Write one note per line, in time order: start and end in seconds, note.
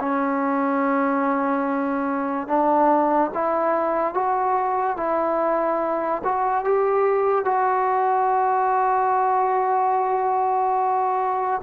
0.00 2.48 C#4
2.48 3.31 D4
3.34 4.15 E4
4.15 4.97 F#4
4.97 6.22 E4
6.24 6.65 F#4
6.65 7.45 G4
7.45 11.62 F#4